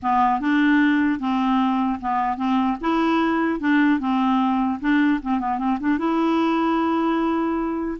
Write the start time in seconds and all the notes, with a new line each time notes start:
0.02 B3
0.40 D4
1.19 C4
2.00 B3
2.37 C4
2.80 E4
3.60 D4
3.99 C4
4.80 D4
5.21 C4
5.39 B3
5.58 C4
5.80 D4
5.98 E4